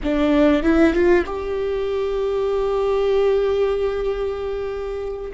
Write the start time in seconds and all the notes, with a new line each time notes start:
0.03 D4
0.62 E4
0.93 F4
1.26 G4